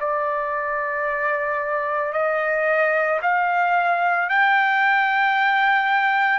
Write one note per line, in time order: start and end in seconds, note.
0.00 2.13 D5
2.13 3.20 D#5
3.22 4.29 F5
4.29 6.39 G5